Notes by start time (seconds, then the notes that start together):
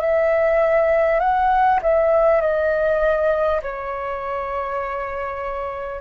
0.00 E5
1.19 F#5
1.82 E5
2.41 D#5
3.62 C#5